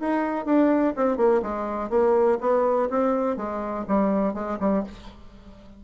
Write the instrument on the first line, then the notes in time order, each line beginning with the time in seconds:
bassoon
0.00 D#4
0.45 D4
0.96 C4
1.17 A#3
1.42 G#3
1.90 A#3
2.41 B3
2.90 C4
3.37 G#3
3.88 G3
4.34 G#3
4.60 G3